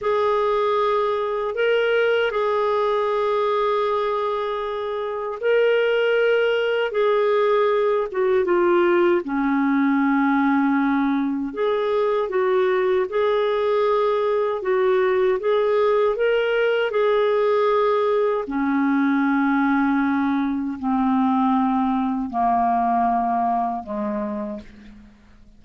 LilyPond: \new Staff \with { instrumentName = "clarinet" } { \time 4/4 \tempo 4 = 78 gis'2 ais'4 gis'4~ | gis'2. ais'4~ | ais'4 gis'4. fis'8 f'4 | cis'2. gis'4 |
fis'4 gis'2 fis'4 | gis'4 ais'4 gis'2 | cis'2. c'4~ | c'4 ais2 gis4 | }